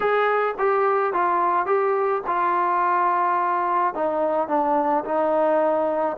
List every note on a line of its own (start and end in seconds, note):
0.00 0.55 G#4
0.58 1.13 G4
1.13 1.66 F4
1.66 2.22 G4
2.26 3.94 F4
3.94 4.48 D#4
4.48 5.04 D4
5.04 6.16 D#4